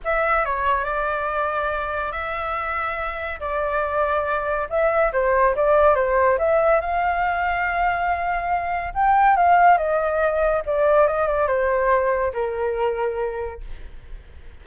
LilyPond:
\new Staff \with { instrumentName = "flute" } { \time 4/4 \tempo 4 = 141 e''4 cis''4 d''2~ | d''4 e''2. | d''2. e''4 | c''4 d''4 c''4 e''4 |
f''1~ | f''4 g''4 f''4 dis''4~ | dis''4 d''4 dis''8 d''8 c''4~ | c''4 ais'2. | }